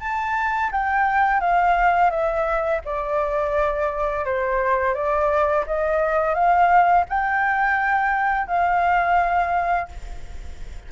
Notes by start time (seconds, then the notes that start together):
0.00 A5
0.72 G5
1.41 F5
2.11 E5
2.85 D5
4.25 C5
4.94 D5
5.67 D#5
6.35 F5
7.09 G5
8.48 F5